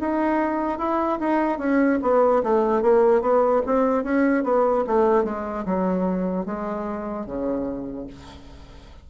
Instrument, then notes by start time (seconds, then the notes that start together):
bassoon
0.00 D#4
0.78 E4
1.20 D#4
1.58 C#4
2.02 B3
2.43 A3
2.82 A#3
3.21 B3
3.66 C4
4.04 C#4
4.44 B3
4.87 A3
5.24 G#3
5.65 F#3
6.45 G#3
7.26 C#3